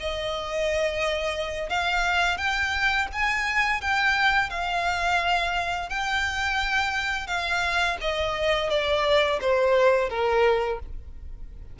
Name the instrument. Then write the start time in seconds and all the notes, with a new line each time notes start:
violin
0.00 D#5
1.70 F5
2.38 G5
3.13 G#5
3.81 G5
4.50 F5
5.90 G5
7.27 F5
8.01 D#5
8.70 D5
9.41 C5
10.10 A#4